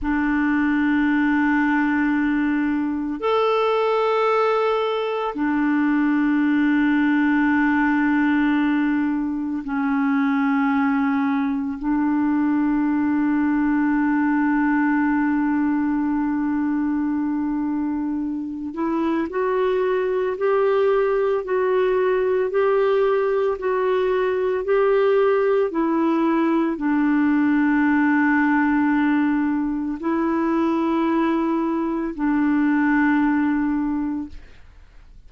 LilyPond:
\new Staff \with { instrumentName = "clarinet" } { \time 4/4 \tempo 4 = 56 d'2. a'4~ | a'4 d'2.~ | d'4 cis'2 d'4~ | d'1~ |
d'4. e'8 fis'4 g'4 | fis'4 g'4 fis'4 g'4 | e'4 d'2. | e'2 d'2 | }